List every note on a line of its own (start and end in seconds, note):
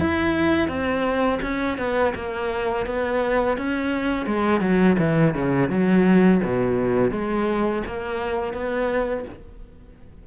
0.00 0.68 E4
0.68 1.40 C4
1.42 1.78 C#4
1.78 2.14 B3
2.15 2.86 A#3
2.86 3.57 B3
3.57 4.27 C#4
4.27 4.61 G#3
4.61 4.96 F#3
4.99 5.34 E3
5.34 5.69 C#3
5.69 6.41 F#3
6.44 7.11 B2
7.11 7.83 G#3
7.87 8.54 A#3
8.54 9.25 B3